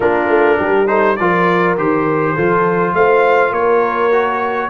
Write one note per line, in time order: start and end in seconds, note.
0.00 0.28 A#3
0.00 0.87 D4
0.00 0.57 F4
0.00 0.87 A#4
0.28 0.57 A3
0.57 1.19 G3
0.57 0.87 G4
0.87 1.16 D#4
0.87 1.18 A4
0.87 1.16 C5
1.16 1.78 F3
1.16 1.77 F4
1.16 2.34 A#4
1.16 1.75 D5
1.77 2.36 D#3
1.77 2.36 G4
1.77 2.94 C5
2.34 2.93 F3
2.34 4.11 F4
2.34 2.93 A4
2.93 3.51 A3
2.93 3.52 C5
2.93 3.53 F5
3.51 4.69 A#3
3.51 4.69 A#4
3.51 4.69 C#5
4.11 4.69 F#4